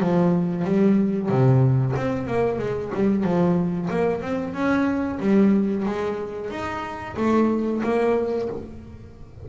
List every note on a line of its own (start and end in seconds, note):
0.00 0.64 F3
0.64 1.29 G3
1.29 1.94 C3
1.96 2.26 C4
2.26 2.58 A#3
2.58 2.91 G#3
2.94 3.23 G3
3.23 3.89 F3
3.90 4.21 A#3
4.21 4.54 C4
4.54 5.19 C#4
5.20 5.85 G3
5.85 6.50 G#3
6.50 7.15 D#4
7.17 7.82 A3
7.83 8.48 A#3